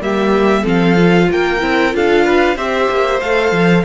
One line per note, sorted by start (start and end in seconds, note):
0.00 0.64 G3
0.00 0.64 A#3
0.00 0.62 G4
0.00 0.66 E5
0.62 1.29 F3
0.62 0.94 C4
0.62 1.26 A4
0.62 1.31 F5
0.94 1.58 F4
1.31 1.62 A#3
1.31 1.95 A#4
1.31 1.95 G5
1.60 1.94 C4
1.60 1.91 E4
1.92 2.56 D4
1.92 2.56 F4
1.92 2.25 A4
1.92 2.57 F5
2.25 2.56 B4
2.56 2.87 C4
2.56 3.21 G4
2.56 3.83 C5
2.56 3.20 E5
2.89 3.21 A#3
3.20 3.51 A3
3.20 3.84 A4
3.20 3.84 F5
3.51 3.83 F3